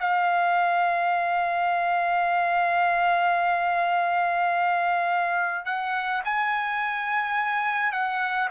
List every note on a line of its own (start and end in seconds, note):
0.00 5.66 F5
5.66 6.23 F#5
6.25 7.92 G#5
7.92 8.49 F#5